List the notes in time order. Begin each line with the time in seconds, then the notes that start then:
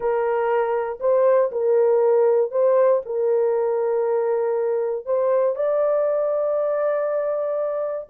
0.00 A#4
1.00 C5
1.51 A#4
2.51 C5
3.05 A#4
5.05 C5
5.55 D5